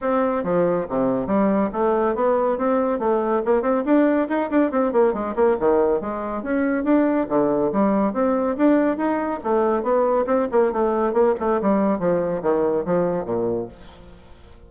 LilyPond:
\new Staff \with { instrumentName = "bassoon" } { \time 4/4 \tempo 4 = 140 c'4 f4 c4 g4 | a4 b4 c'4 a4 | ais8 c'8 d'4 dis'8 d'8 c'8 ais8 | gis8 ais8 dis4 gis4 cis'4 |
d'4 d4 g4 c'4 | d'4 dis'4 a4 b4 | c'8 ais8 a4 ais8 a8 g4 | f4 dis4 f4 ais,4 | }